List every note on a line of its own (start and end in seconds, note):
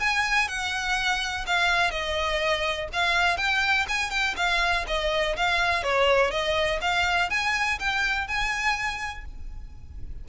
0.00 0.48 G#5
0.48 1.46 F#5
1.47 1.91 F5
1.91 2.89 D#5
2.93 3.38 F5
3.38 3.86 G5
3.89 4.11 G#5
4.11 4.35 G5
4.37 4.85 F5
4.87 5.36 D#5
5.37 5.84 F5
5.84 6.31 C#5
6.31 6.80 D#5
6.82 7.30 F5
7.30 7.79 G#5
7.79 8.28 G5
8.28 9.25 G#5